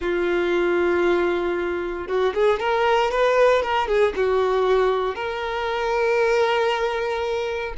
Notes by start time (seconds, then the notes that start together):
0.00 F4
2.07 F#4
2.34 G#4
2.59 A#4
3.11 B4
3.62 A#4
3.87 G#4
4.15 F#4
5.15 A#4